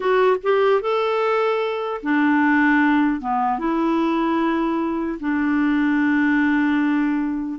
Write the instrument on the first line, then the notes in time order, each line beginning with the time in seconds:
clarinet
0.00 F#4
0.43 G4
0.81 A4
2.02 D4
3.20 B3
3.59 E4
5.20 D4